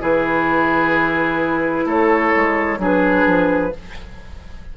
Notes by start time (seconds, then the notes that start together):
0.00 E3 E4 G#4 B4
1.85 A3 A4 C#5
2.35 G#3
2.78 F#3 D4 G#4
2.84 B4
3.26 F3